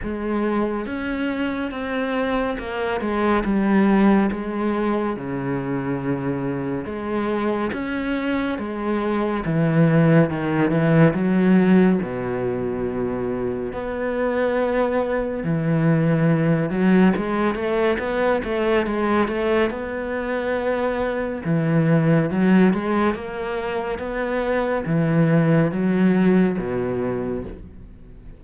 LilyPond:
\new Staff \with { instrumentName = "cello" } { \time 4/4 \tempo 4 = 70 gis4 cis'4 c'4 ais8 gis8 | g4 gis4 cis2 | gis4 cis'4 gis4 e4 | dis8 e8 fis4 b,2 |
b2 e4. fis8 | gis8 a8 b8 a8 gis8 a8 b4~ | b4 e4 fis8 gis8 ais4 | b4 e4 fis4 b,4 | }